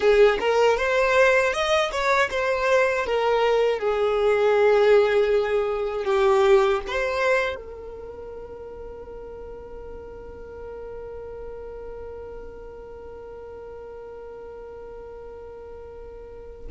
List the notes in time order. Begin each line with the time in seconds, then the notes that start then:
0.00 G#4
0.40 A#4
0.77 C5
1.53 D#5
1.91 C#5
2.30 C5
3.06 A#4
3.78 G#4
6.04 G4
6.87 C5
7.55 A#4